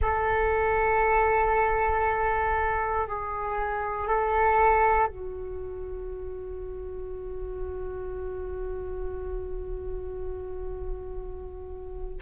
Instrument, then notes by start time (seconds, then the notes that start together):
flute
0.01 A4
3.06 G#4
4.07 A4
5.07 F#4